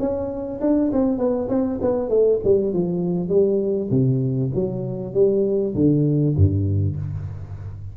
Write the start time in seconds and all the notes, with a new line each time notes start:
0.00 C#4
0.61 D4
0.93 C4
1.18 B3
1.49 C4
1.81 B3
2.10 A3
2.44 G3
2.74 F3
3.29 G3
3.91 C3
4.55 F#3
5.14 G3
5.75 D3
6.36 G2